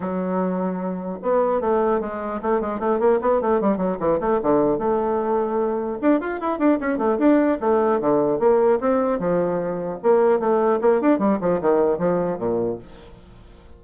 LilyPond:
\new Staff \with { instrumentName = "bassoon" } { \time 4/4 \tempo 4 = 150 fis2. b4 | a4 gis4 a8 gis8 a8 ais8 | b8 a8 g8 fis8 e8 a8 d4 | a2. d'8 f'8 |
e'8 d'8 cis'8 a8 d'4 a4 | d4 ais4 c'4 f4~ | f4 ais4 a4 ais8 d'8 | g8 f8 dis4 f4 ais,4 | }